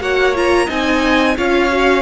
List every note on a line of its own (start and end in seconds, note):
0.00 0.67 A#3
0.00 0.34 F#4
0.00 0.66 C#5
0.00 0.36 F#5
0.35 0.68 F4
0.35 0.70 A#5
0.66 1.37 C4
0.66 1.36 D#4
0.66 1.33 D#5
0.66 1.37 G#5
1.37 2.02 C#4
1.37 1.70 F4
1.37 2.02 C#5
1.37 2.02 F5
1.70 2.02 F#4